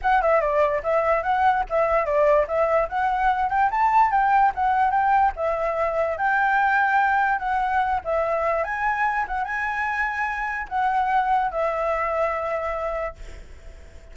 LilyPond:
\new Staff \with { instrumentName = "flute" } { \time 4/4 \tempo 4 = 146 fis''8 e''8 d''4 e''4 fis''4 | e''4 d''4 e''4 fis''4~ | fis''8 g''8 a''4 g''4 fis''4 | g''4 e''2 g''4~ |
g''2 fis''4. e''8~ | e''4 gis''4. fis''8 gis''4~ | gis''2 fis''2 | e''1 | }